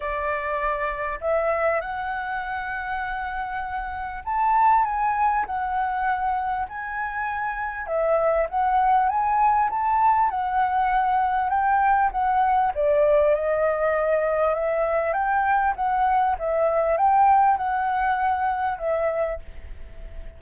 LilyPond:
\new Staff \with { instrumentName = "flute" } { \time 4/4 \tempo 4 = 99 d''2 e''4 fis''4~ | fis''2. a''4 | gis''4 fis''2 gis''4~ | gis''4 e''4 fis''4 gis''4 |
a''4 fis''2 g''4 | fis''4 d''4 dis''2 | e''4 g''4 fis''4 e''4 | g''4 fis''2 e''4 | }